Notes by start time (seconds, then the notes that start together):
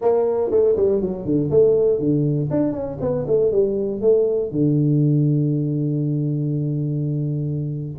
0.01 A#3
0.50 A3
0.76 G3
1.01 F#3
1.25 D3
1.50 A3
1.99 D3
2.50 D4
2.72 C#4
3.00 B3
3.27 A3
3.51 G3
4.01 A3
4.51 D3